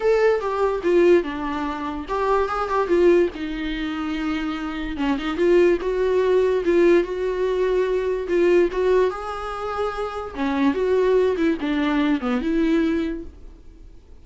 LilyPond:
\new Staff \with { instrumentName = "viola" } { \time 4/4 \tempo 4 = 145 a'4 g'4 f'4 d'4~ | d'4 g'4 gis'8 g'8 f'4 | dis'1 | cis'8 dis'8 f'4 fis'2 |
f'4 fis'2. | f'4 fis'4 gis'2~ | gis'4 cis'4 fis'4. e'8 | d'4. b8 e'2 | }